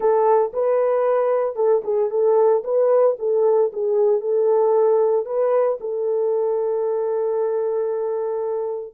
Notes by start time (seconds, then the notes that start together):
0.00 A4
0.53 B4
1.55 A4
1.83 G#4
2.10 A4
2.63 B4
3.18 A4
3.72 G#4
4.20 A4
5.25 B4
5.80 A4